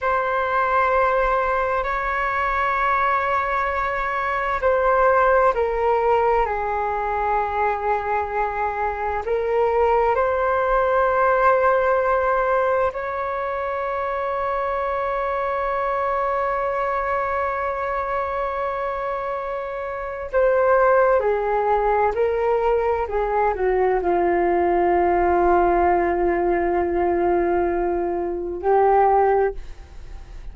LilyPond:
\new Staff \with { instrumentName = "flute" } { \time 4/4 \tempo 4 = 65 c''2 cis''2~ | cis''4 c''4 ais'4 gis'4~ | gis'2 ais'4 c''4~ | c''2 cis''2~ |
cis''1~ | cis''2 c''4 gis'4 | ais'4 gis'8 fis'8 f'2~ | f'2. g'4 | }